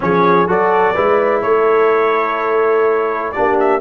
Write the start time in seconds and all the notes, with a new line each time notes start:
0.00 F3 C#4 G#4 C#5
0.47 F#3 F#4 A4 D5
0.94 G#3 E4 B4
1.41 A3 A4 C#5
3.32 D4 G4 D5
3.38 A#3
3.59 E5